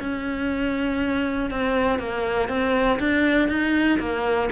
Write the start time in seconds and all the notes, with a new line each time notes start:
0.00 C#4
1.51 C4
1.99 A#3
2.49 C4
3.00 D4
3.49 D#4
4.00 A#3